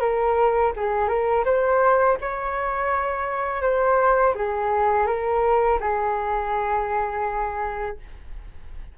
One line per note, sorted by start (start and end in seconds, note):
0.00 0.72 A#4
0.76 1.08 G#4
1.08 1.44 A#4
1.45 2.17 C5
2.21 3.62 C#5
3.62 4.34 C5
4.35 5.07 G#4
5.07 5.79 A#4
5.80 7.97 G#4